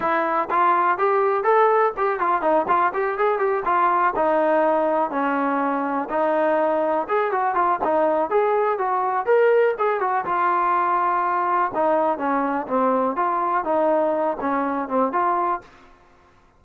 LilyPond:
\new Staff \with { instrumentName = "trombone" } { \time 4/4 \tempo 4 = 123 e'4 f'4 g'4 a'4 | g'8 f'8 dis'8 f'8 g'8 gis'8 g'8 f'8~ | f'8 dis'2 cis'4.~ | cis'8 dis'2 gis'8 fis'8 f'8 |
dis'4 gis'4 fis'4 ais'4 | gis'8 fis'8 f'2. | dis'4 cis'4 c'4 f'4 | dis'4. cis'4 c'8 f'4 | }